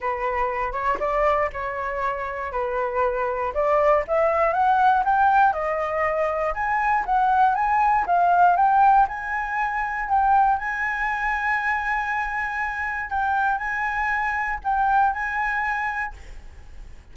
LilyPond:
\new Staff \with { instrumentName = "flute" } { \time 4/4 \tempo 4 = 119 b'4. cis''8 d''4 cis''4~ | cis''4 b'2 d''4 | e''4 fis''4 g''4 dis''4~ | dis''4 gis''4 fis''4 gis''4 |
f''4 g''4 gis''2 | g''4 gis''2.~ | gis''2 g''4 gis''4~ | gis''4 g''4 gis''2 | }